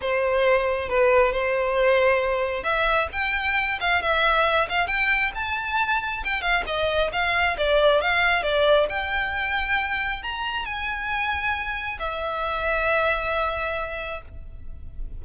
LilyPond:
\new Staff \with { instrumentName = "violin" } { \time 4/4 \tempo 4 = 135 c''2 b'4 c''4~ | c''2 e''4 g''4~ | g''8 f''8 e''4. f''8 g''4 | a''2 g''8 f''8 dis''4 |
f''4 d''4 f''4 d''4 | g''2. ais''4 | gis''2. e''4~ | e''1 | }